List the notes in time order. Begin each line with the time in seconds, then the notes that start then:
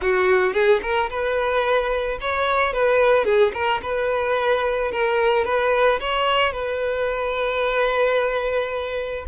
0.01 F#4
0.53 G#4
0.82 A#4
1.09 B4
2.20 C#5
2.73 B4
3.25 G#4
3.53 A#4
3.82 B4
4.91 A#4
5.44 B4
6.00 C#5
6.52 B4